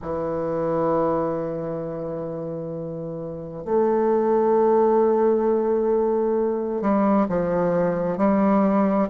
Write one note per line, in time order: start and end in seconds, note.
0.02 3.64 E3
3.64 6.81 A3
6.81 7.26 G3
7.28 8.17 F3
8.17 9.08 G3